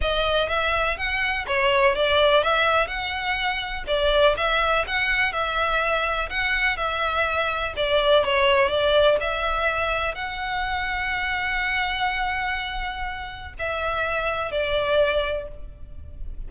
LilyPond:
\new Staff \with { instrumentName = "violin" } { \time 4/4 \tempo 4 = 124 dis''4 e''4 fis''4 cis''4 | d''4 e''4 fis''2 | d''4 e''4 fis''4 e''4~ | e''4 fis''4 e''2 |
d''4 cis''4 d''4 e''4~ | e''4 fis''2.~ | fis''1 | e''2 d''2 | }